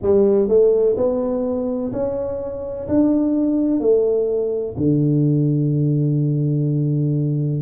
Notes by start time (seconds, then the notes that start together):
0.02 G3
0.48 A3
0.96 B3
1.92 C#4
2.87 D4
3.80 A3
4.77 D3